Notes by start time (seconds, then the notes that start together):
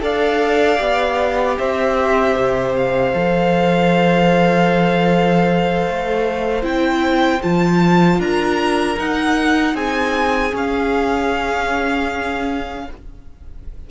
0.00 D4 A4 D5 F5
0.77 B3 G4
1.58 C4 C5 E5
2.35 C3
2.75 F5
3.13 F3 A4
5.87 A3
6.62 C4 E4 G5
7.41 F3 F4 A5
8.18 D4 A#4 A#5
8.98 D#4 F#5
9.73 C4 G#4 G#5
10.51 C#4 F5